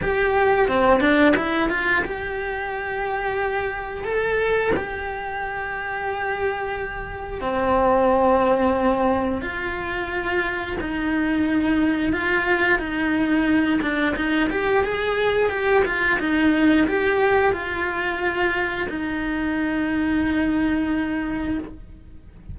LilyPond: \new Staff \with { instrumentName = "cello" } { \time 4/4 \tempo 4 = 89 g'4 c'8 d'8 e'8 f'8 g'4~ | g'2 a'4 g'4~ | g'2. c'4~ | c'2 f'2 |
dis'2 f'4 dis'4~ | dis'8 d'8 dis'8 g'8 gis'4 g'8 f'8 | dis'4 g'4 f'2 | dis'1 | }